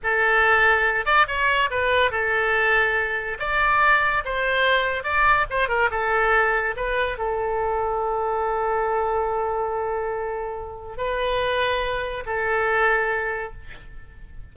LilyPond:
\new Staff \with { instrumentName = "oboe" } { \time 4/4 \tempo 4 = 142 a'2~ a'8 d''8 cis''4 | b'4 a'2. | d''2 c''2 | d''4 c''8 ais'8 a'2 |
b'4 a'2.~ | a'1~ | a'2 b'2~ | b'4 a'2. | }